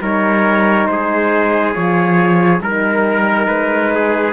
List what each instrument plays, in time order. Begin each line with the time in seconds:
0.00 cello G3, horn D#4, trumpet A#4 C#5
0.87 cello G#3, trumpet G#4 C5
1.74 cello F3, horn F4, trumpet C#5
2.61 cello G3, horn D#4, trumpet A#4
3.47 cello G#3, trumpet B4
3.95 trumpet G#4